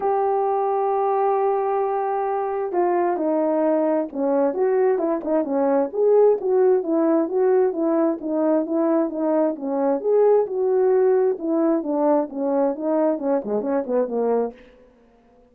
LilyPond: \new Staff \with { instrumentName = "horn" } { \time 4/4 \tempo 4 = 132 g'1~ | g'2 f'4 dis'4~ | dis'4 cis'4 fis'4 e'8 dis'8 | cis'4 gis'4 fis'4 e'4 |
fis'4 e'4 dis'4 e'4 | dis'4 cis'4 gis'4 fis'4~ | fis'4 e'4 d'4 cis'4 | dis'4 cis'8 gis8 cis'8 b8 ais4 | }